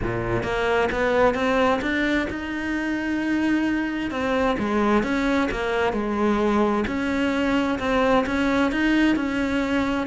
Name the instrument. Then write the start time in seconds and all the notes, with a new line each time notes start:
cello
0.02 A#2
0.43 A#3
0.91 B3
1.34 C4
1.81 D4
2.29 D#4
4.10 C4
4.58 G#3
5.03 C#4
5.51 A#3
5.93 G#3
6.87 C#4
7.79 C4
8.26 C#4
8.71 D#4
9.16 C#4